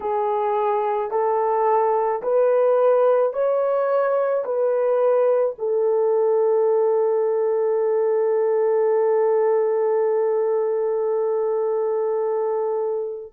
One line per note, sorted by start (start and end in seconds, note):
0.00 1.11 G#4
1.11 2.22 A4
2.22 3.33 B4
3.33 4.44 C#5
4.44 5.56 B4
5.58 13.33 A4